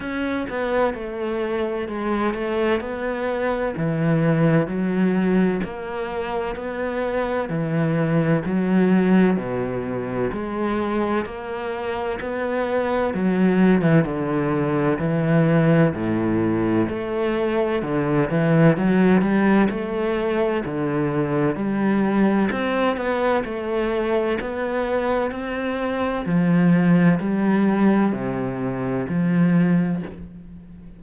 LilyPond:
\new Staff \with { instrumentName = "cello" } { \time 4/4 \tempo 4 = 64 cis'8 b8 a4 gis8 a8 b4 | e4 fis4 ais4 b4 | e4 fis4 b,4 gis4 | ais4 b4 fis8. e16 d4 |
e4 a,4 a4 d8 e8 | fis8 g8 a4 d4 g4 | c'8 b8 a4 b4 c'4 | f4 g4 c4 f4 | }